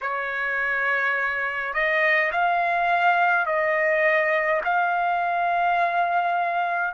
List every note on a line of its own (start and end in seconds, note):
0.01 1.73 C#5
1.73 2.31 D#5
2.31 3.46 F5
3.46 4.61 D#5
4.64 6.94 F5